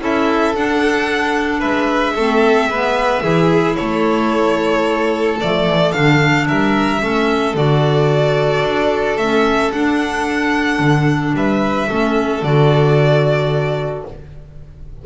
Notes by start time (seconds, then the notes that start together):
0.00 C#4 E4 A4 E5
0.56 D4 F#5
1.60 G#3 B4 E5
2.15 A3 C4 A4
2.67 G#3 B3 B4
3.23 E3 E4 G#4
3.76 A3 A4 C#5
5.41 F3 A3 D5
5.67 E3
5.92 D3 D4 F5
6.48 G3 A#4 E5
7.01 A3 C#4 A4
7.54 D3 F#4 D5
8.63 D4
9.17 A3 C#4 E5
9.73 D4 F#5
10.79 D3
11.34 G3 B4 E5
11.89 A3 C#4 A4
12.42 D3 F#4 D5